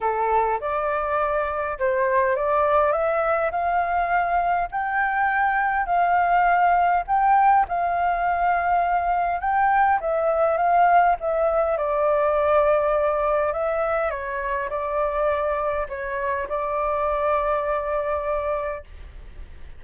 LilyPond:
\new Staff \with { instrumentName = "flute" } { \time 4/4 \tempo 4 = 102 a'4 d''2 c''4 | d''4 e''4 f''2 | g''2 f''2 | g''4 f''2. |
g''4 e''4 f''4 e''4 | d''2. e''4 | cis''4 d''2 cis''4 | d''1 | }